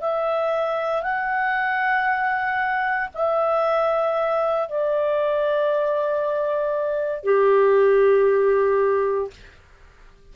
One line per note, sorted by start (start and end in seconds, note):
0.00 1.02 E5
1.02 3.09 F#5
3.14 4.68 E5
4.68 7.23 D5
7.23 9.30 G4